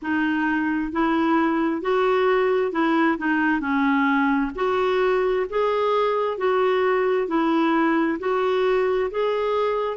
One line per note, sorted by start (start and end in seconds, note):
0.02 0.91 D#4
0.91 1.81 E4
1.81 2.72 F#4
2.72 3.17 E4
3.18 3.60 D#4
3.60 4.51 C#4
4.55 5.46 F#4
5.49 6.37 G#4
6.37 7.27 F#4
7.27 8.18 E4
8.19 9.10 F#4
9.10 9.97 G#4